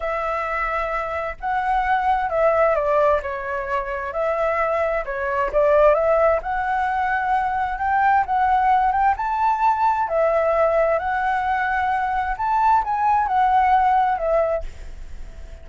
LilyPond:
\new Staff \with { instrumentName = "flute" } { \time 4/4 \tempo 4 = 131 e''2. fis''4~ | fis''4 e''4 d''4 cis''4~ | cis''4 e''2 cis''4 | d''4 e''4 fis''2~ |
fis''4 g''4 fis''4. g''8 | a''2 e''2 | fis''2. a''4 | gis''4 fis''2 e''4 | }